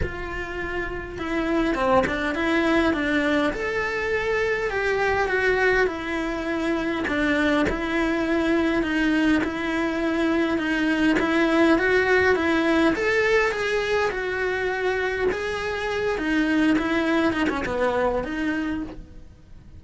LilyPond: \new Staff \with { instrumentName = "cello" } { \time 4/4 \tempo 4 = 102 f'2 e'4 c'8 d'8 | e'4 d'4 a'2 | g'4 fis'4 e'2 | d'4 e'2 dis'4 |
e'2 dis'4 e'4 | fis'4 e'4 a'4 gis'4 | fis'2 gis'4. dis'8~ | dis'8 e'4 dis'16 cis'16 b4 dis'4 | }